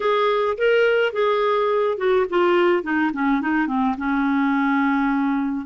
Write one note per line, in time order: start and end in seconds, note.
0.00 0.57 G#4
0.57 1.12 A#4
1.12 1.97 G#4
1.97 2.25 F#4
2.29 2.83 F4
2.83 3.11 D#4
3.13 3.41 C#4
3.41 3.67 D#4
3.67 3.95 C4
3.97 5.66 C#4